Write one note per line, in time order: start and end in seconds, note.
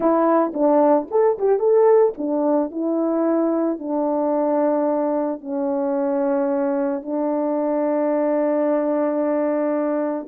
0.00 0.52 E4
0.53 1.07 D4
1.11 1.38 A4
1.38 1.59 G4
1.59 2.13 A4
2.17 2.71 D4
2.71 3.78 E4
3.78 5.41 D4
5.41 7.02 C#4
7.02 10.26 D4